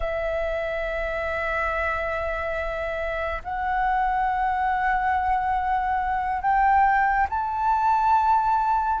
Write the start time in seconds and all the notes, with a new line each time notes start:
0.00 E5
3.44 F#5
6.41 G5
7.29 A5